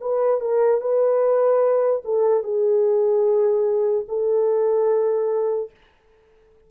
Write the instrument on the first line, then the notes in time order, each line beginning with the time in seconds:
horn
0.00 B4
0.41 A#4
0.80 B4
2.04 A4
2.43 G#4
4.08 A4